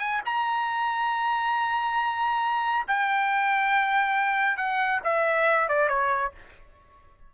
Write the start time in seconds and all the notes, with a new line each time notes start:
0.00 G#5
0.26 A#5
2.88 G5
4.57 F#5
5.04 E5
5.69 D5
5.89 C#5